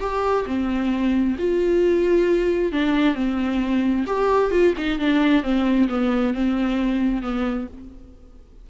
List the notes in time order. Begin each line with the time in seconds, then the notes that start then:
0.00 G4
0.46 C4
1.38 F4
2.72 D4
3.14 C4
4.06 G4
4.51 F4
4.77 D#4
4.99 D4
5.43 C4
5.89 B3
6.33 C4
7.22 B3